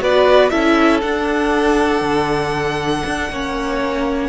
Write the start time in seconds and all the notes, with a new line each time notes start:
0.00 B3 F#4 B4 D5
0.50 C#4 E4 A4 E5
1.01 D4 F#5
2.01 D3
3.06 D4
3.30 A#3 C#4 C#5